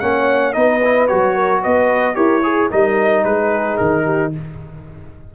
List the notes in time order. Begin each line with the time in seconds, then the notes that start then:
0.00 A#3 C#4 C#5 F#5
0.53 B3 D#4 B4 D#5
0.85 E4
1.08 F#3 F#4 C#5
1.35 A#4
1.62 B3 B4 D#5
2.15 E4 G4 A#4 C#5
2.42 G#4
2.70 G3 D#4 A#4 D#5
3.25 G#3 G#4 B4
3.78 D#3 A#4
4.05 G4